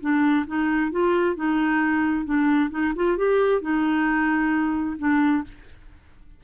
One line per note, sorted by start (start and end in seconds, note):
0.00 0.45 D4
0.47 0.91 D#4
0.91 1.35 F4
1.35 2.25 D#4
2.25 2.70 D4
2.70 2.93 D#4
2.95 3.17 F4
3.17 3.61 G4
3.61 4.96 D#4
4.98 5.43 D4